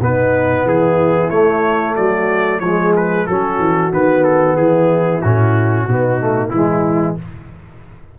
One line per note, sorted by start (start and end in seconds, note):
0.00 0.64 B2
0.00 1.32 B3
0.00 0.67 D#4
0.00 0.68 B4
0.64 1.29 E3
0.64 1.95 E4
0.64 1.30 G#4
1.30 1.96 A3
1.30 2.62 A3
1.30 1.95 C#5
1.95 2.60 F#3
1.95 2.60 F#4
1.95 2.60 D5
2.60 3.25 F3
2.60 3.29 G#3
2.60 3.26 G#4
2.60 2.93 C#5
2.96 3.27 B4
3.26 3.59 F#3
3.26 3.92 C#4
3.26 4.57 F#4
3.26 3.92 A4
3.59 3.92 E3
3.92 4.57 D#3
3.92 5.22 B3
3.92 4.24 B4
4.24 4.56 A4
4.56 5.23 E3
4.56 5.87 E4
4.56 5.21 G#4
5.21 5.87 A2
5.21 5.89 C#4
5.21 6.50 F#4
5.87 6.51 B2
5.87 6.20 B3
5.87 6.52 D#4
6.20 6.52 A3
6.50 7.16 E3
6.50 7.19 G#3
6.50 7.15 E4
6.50 7.17 E4